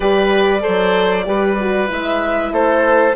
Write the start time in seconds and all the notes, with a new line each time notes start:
0.00 G3 G4 B4 D5
0.60 A4 C5
0.67 F#3
1.25 G3 G4 B4
1.60 F#4
1.87 G#3 E4 E5
2.51 A3 A4 C5